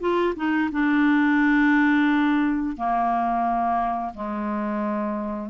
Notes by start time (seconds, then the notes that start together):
0.00 F4
0.36 D#4
0.72 D4
2.76 A#3
4.14 G#3